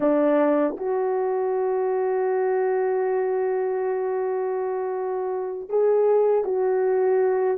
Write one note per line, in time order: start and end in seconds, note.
0.00 0.76 D4
0.76 5.69 F#4
5.69 6.44 G#4
6.44 7.58 F#4